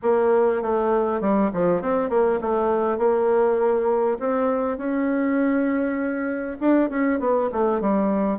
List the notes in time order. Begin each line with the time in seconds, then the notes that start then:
0.02 A#3
0.62 A3
1.21 G3
1.53 F3
1.81 C4
2.09 A#3
2.41 A3
2.98 A#3
4.19 C4
4.77 C#4
6.60 D4
6.89 C#4
7.19 B3
7.52 A3
7.80 G3